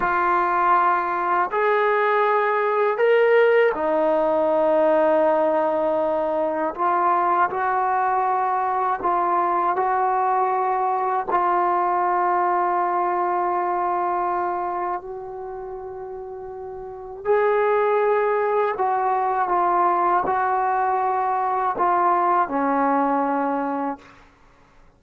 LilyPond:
\new Staff \with { instrumentName = "trombone" } { \time 4/4 \tempo 4 = 80 f'2 gis'2 | ais'4 dis'2.~ | dis'4 f'4 fis'2 | f'4 fis'2 f'4~ |
f'1 | fis'2. gis'4~ | gis'4 fis'4 f'4 fis'4~ | fis'4 f'4 cis'2 | }